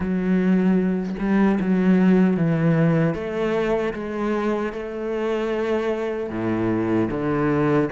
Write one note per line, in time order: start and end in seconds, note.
0.00 1.15 F#3
1.19 1.58 G3
1.60 2.36 F#3
2.36 3.14 E3
3.14 3.93 A3
3.93 4.72 G#3
4.73 6.29 A3
6.29 7.08 A2
7.10 7.89 D3